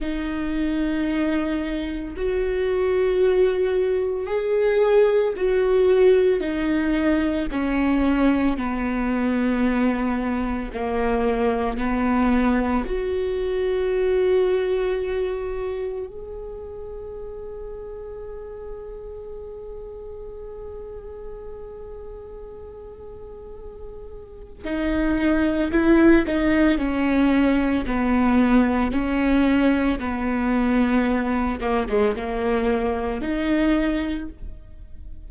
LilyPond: \new Staff \with { instrumentName = "viola" } { \time 4/4 \tempo 4 = 56 dis'2 fis'2 | gis'4 fis'4 dis'4 cis'4 | b2 ais4 b4 | fis'2. gis'4~ |
gis'1~ | gis'2. dis'4 | e'8 dis'8 cis'4 b4 cis'4 | b4. ais16 gis16 ais4 dis'4 | }